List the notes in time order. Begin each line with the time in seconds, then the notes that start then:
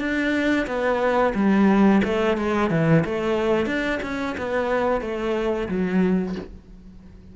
0.00 D4
0.67 B3
1.35 G3
2.04 A3
2.38 G#3
2.71 E3
3.05 A3
3.66 D4
4.03 C#4
4.38 B3
5.02 A3
5.69 F#3